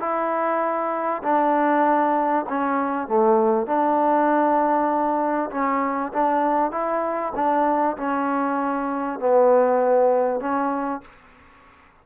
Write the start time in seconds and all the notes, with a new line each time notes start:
0.00 E4
1.23 D4
2.49 C#4
3.08 A3
3.67 D4
5.51 C#4
6.13 D4
6.72 E4
7.36 D4
7.97 C#4
9.19 B3
10.41 C#4